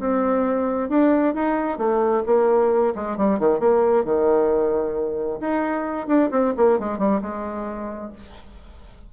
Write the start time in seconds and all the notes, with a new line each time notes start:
0.00 C4
0.90 D4
1.35 D#4
1.79 A3
2.27 A#3
2.95 G#3
3.18 G3
3.40 D#3
3.60 A#3
4.05 D#3
5.41 D#4
6.08 D4
6.31 C4
6.57 A#3
6.80 G#3
6.99 G3
7.22 G#3